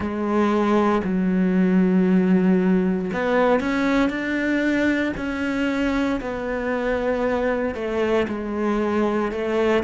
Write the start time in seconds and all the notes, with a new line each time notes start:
0.00 G#3
1.03 F#3
3.13 B3
3.60 C#4
4.09 D4
5.16 C#4
6.21 B3
7.74 A3
8.28 G#3
9.31 A3